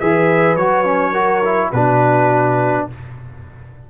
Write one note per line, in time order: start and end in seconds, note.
0.00 0.56 E3
0.00 0.58 G#4
0.00 1.11 B4
0.00 0.56 E5
0.56 1.72 F#3
0.56 0.85 F#4
0.56 1.72 C#5
0.85 1.14 C#4
1.11 1.42 F#4
1.11 1.69 A#4
1.45 1.74 E4
1.71 2.88 B2
1.71 2.90 D4
1.71 2.86 F#4
1.71 2.87 B4